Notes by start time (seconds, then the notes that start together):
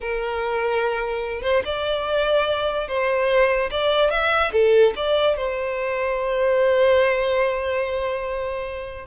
0.01 A#4
1.42 C5
1.65 D5
2.87 C5
3.70 D5
4.10 E5
4.52 A4
4.95 D5
5.36 C5